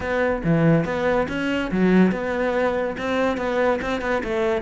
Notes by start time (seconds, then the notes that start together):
0.00 B3
0.44 E3
0.85 B3
1.28 C#4
1.71 F#3
2.11 B3
2.97 C4
3.37 B3
3.81 C4
4.01 B3
4.23 A3